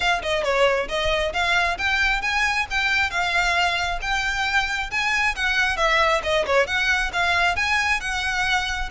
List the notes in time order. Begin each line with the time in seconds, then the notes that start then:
0.00 F5
0.22 D#5
0.43 C#5
0.88 D#5
1.33 F5
1.78 G5
2.21 G#5
2.70 G5
3.10 F5
4.01 G5
4.91 G#5
5.35 F#5
5.76 E5
6.23 D#5
6.45 C#5
6.66 F#5
7.13 F5
7.56 G#5
8.00 F#5